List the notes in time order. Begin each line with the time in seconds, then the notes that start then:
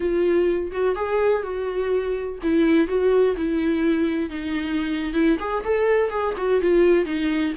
0.00 F4
0.72 F#4
0.95 G#4
1.42 F#4
2.42 E4
2.87 F#4
3.36 E4
4.30 D#4
5.13 E4
5.39 G#4
5.64 A4
6.09 G#4
6.37 F#4
6.61 F4
7.05 D#4